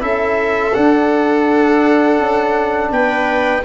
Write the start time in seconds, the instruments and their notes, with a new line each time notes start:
0.00 tuba C#4, trombone E4, viola A4, trumpet E5
0.74 trombone D4, tuba D4, trumpet F#5
2.19 tuba C#4
2.92 tuba B3, viola B4, trumpet G5